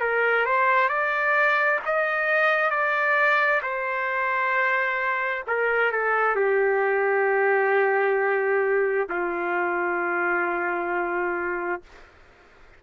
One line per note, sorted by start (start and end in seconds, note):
0.00 0.45 A#4
0.45 0.89 C5
0.89 1.80 D5
1.86 2.70 D#5
2.70 3.61 D5
3.62 5.44 C5
5.47 5.92 A#4
5.92 6.36 A4
6.36 9.08 G4
9.09 11.82 F4